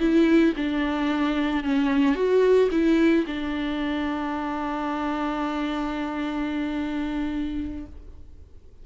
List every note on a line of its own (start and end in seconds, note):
0.00 0.54 E4
0.57 1.64 D4
1.64 2.16 C#4
2.16 2.70 F#4
2.71 3.26 E4
3.27 7.86 D4